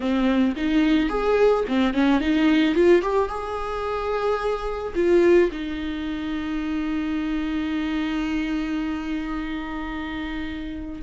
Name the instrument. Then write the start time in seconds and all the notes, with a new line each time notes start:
viola
0.00 C4
0.56 D#4
1.09 G#4
1.68 C4
1.93 C#4
2.20 D#4
2.74 F4
3.02 G4
3.28 G#4
4.95 F4
5.51 D#4